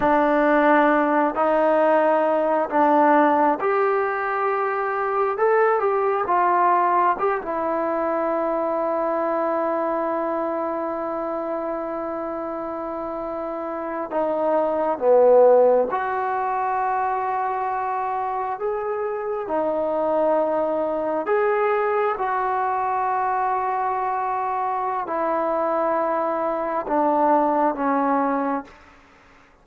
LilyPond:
\new Staff \with { instrumentName = "trombone" } { \time 4/4 \tempo 4 = 67 d'4. dis'4. d'4 | g'2 a'8 g'8 f'4 | g'16 e'2.~ e'8.~ | e'2.~ e'8. dis'16~ |
dis'8. b4 fis'2~ fis'16~ | fis'8. gis'4 dis'2 gis'16~ | gis'8. fis'2.~ fis'16 | e'2 d'4 cis'4 | }